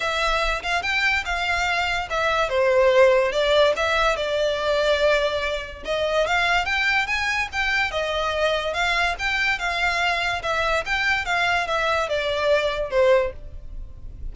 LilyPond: \new Staff \with { instrumentName = "violin" } { \time 4/4 \tempo 4 = 144 e''4. f''8 g''4 f''4~ | f''4 e''4 c''2 | d''4 e''4 d''2~ | d''2 dis''4 f''4 |
g''4 gis''4 g''4 dis''4~ | dis''4 f''4 g''4 f''4~ | f''4 e''4 g''4 f''4 | e''4 d''2 c''4 | }